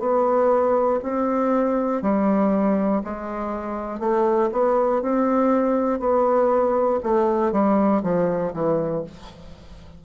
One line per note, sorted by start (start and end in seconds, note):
0.00 1.00 B3
1.03 2.02 C4
2.02 3.02 G3
3.04 4.00 G#3
4.00 4.50 A3
4.53 5.02 B3
5.02 6.00 C4
6.00 7.00 B3
7.03 7.52 A3
7.52 8.02 G3
8.03 8.53 F3
8.53 9.03 E3